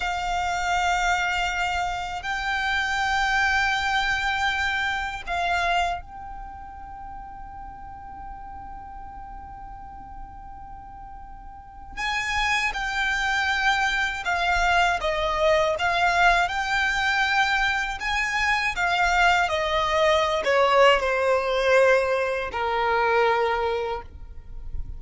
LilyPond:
\new Staff \with { instrumentName = "violin" } { \time 4/4 \tempo 4 = 80 f''2. g''4~ | g''2. f''4 | g''1~ | g''1 |
gis''4 g''2 f''4 | dis''4 f''4 g''2 | gis''4 f''4 dis''4~ dis''16 cis''8. | c''2 ais'2 | }